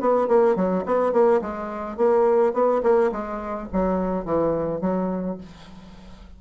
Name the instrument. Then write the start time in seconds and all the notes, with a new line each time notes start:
bassoon
0.00 B3
0.28 A#3
0.56 F#3
0.86 B3
1.12 A#3
1.41 G#3
1.97 A#3
2.53 B3
2.83 A#3
3.12 G#3
3.72 F#3
4.25 E3
4.81 F#3